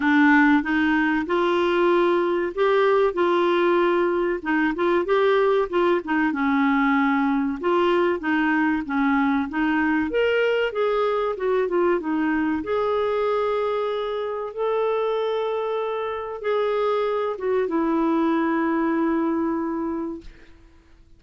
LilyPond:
\new Staff \with { instrumentName = "clarinet" } { \time 4/4 \tempo 4 = 95 d'4 dis'4 f'2 | g'4 f'2 dis'8 f'8 | g'4 f'8 dis'8 cis'2 | f'4 dis'4 cis'4 dis'4 |
ais'4 gis'4 fis'8 f'8 dis'4 | gis'2. a'4~ | a'2 gis'4. fis'8 | e'1 | }